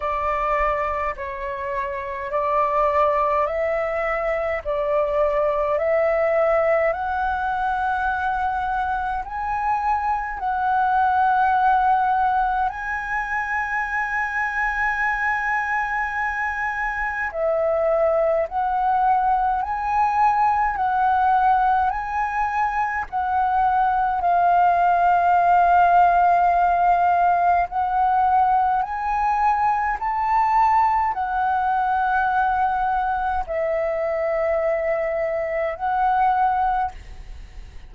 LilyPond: \new Staff \with { instrumentName = "flute" } { \time 4/4 \tempo 4 = 52 d''4 cis''4 d''4 e''4 | d''4 e''4 fis''2 | gis''4 fis''2 gis''4~ | gis''2. e''4 |
fis''4 gis''4 fis''4 gis''4 | fis''4 f''2. | fis''4 gis''4 a''4 fis''4~ | fis''4 e''2 fis''4 | }